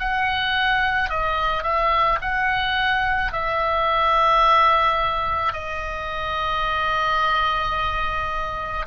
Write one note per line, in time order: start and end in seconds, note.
0.00 1.10 F#5
1.10 1.64 D#5
1.64 2.19 E5
2.22 3.32 F#5
3.32 5.53 E5
5.53 8.86 D#5